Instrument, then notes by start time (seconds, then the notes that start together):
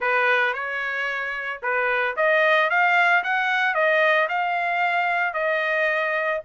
trumpet
0.00 B4
0.53 C#5
1.62 B4
2.16 D#5
2.69 F5
3.23 F#5
3.74 D#5
4.28 F5
5.33 D#5